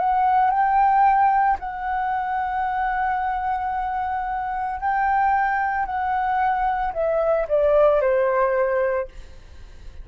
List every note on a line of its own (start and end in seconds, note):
0.00 0.51 F#5
0.51 1.58 G5
1.60 4.81 F#5
4.81 5.86 G5
5.86 6.94 F#5
6.94 7.48 E5
7.49 8.01 D5
8.01 9.08 C5